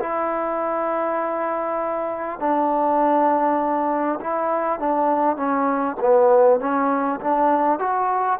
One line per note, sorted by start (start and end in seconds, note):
0.00 2.39 E4
2.39 4.19 D4
4.21 4.79 E4
4.79 5.36 D4
5.36 5.96 C#4
6.01 6.59 B3
6.59 7.19 C#4
7.21 7.79 D4
7.79 8.39 F#4